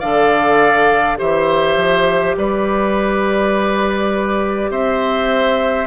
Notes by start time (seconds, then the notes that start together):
0.00 D3 A4 D5 F5
1.16 E3 G4 C5 E5
1.76 F3
2.37 G3 B4 D5
4.70 C4 C5 E5